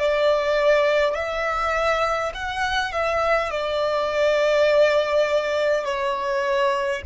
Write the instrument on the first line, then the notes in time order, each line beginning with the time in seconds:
violin
0.00 D5
1.15 E5
2.34 F#5
2.93 E5
3.51 D5
5.85 C#5